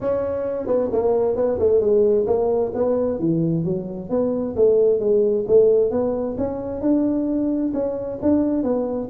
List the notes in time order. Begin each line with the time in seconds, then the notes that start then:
0.00 C#4
0.66 B3
0.92 A#3
1.35 B3
1.59 A3
1.80 G#3
2.26 A#3
2.74 B3
3.19 E3
3.64 F#3
4.09 B3
4.56 A3
4.99 G#3
5.47 A3
5.90 B3
6.37 C#4
6.81 D4
7.73 C#4
8.21 D4
8.63 B3